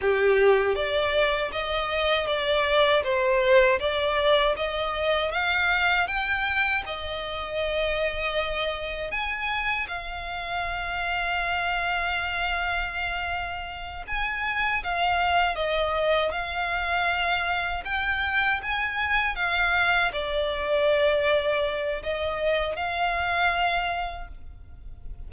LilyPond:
\new Staff \with { instrumentName = "violin" } { \time 4/4 \tempo 4 = 79 g'4 d''4 dis''4 d''4 | c''4 d''4 dis''4 f''4 | g''4 dis''2. | gis''4 f''2.~ |
f''2~ f''8 gis''4 f''8~ | f''8 dis''4 f''2 g''8~ | g''8 gis''4 f''4 d''4.~ | d''4 dis''4 f''2 | }